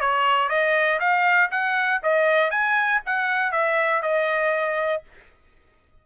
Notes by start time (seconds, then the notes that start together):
0.00 C#5
0.49 D#5
0.99 F5
1.51 F#5
2.02 D#5
2.50 G#5
3.05 F#5
3.51 E5
4.02 D#5